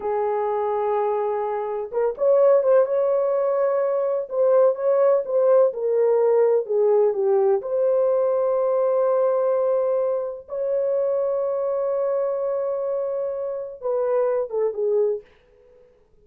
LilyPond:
\new Staff \with { instrumentName = "horn" } { \time 4/4 \tempo 4 = 126 gis'1 | ais'8 cis''4 c''8 cis''2~ | cis''4 c''4 cis''4 c''4 | ais'2 gis'4 g'4 |
c''1~ | c''2 cis''2~ | cis''1~ | cis''4 b'4. a'8 gis'4 | }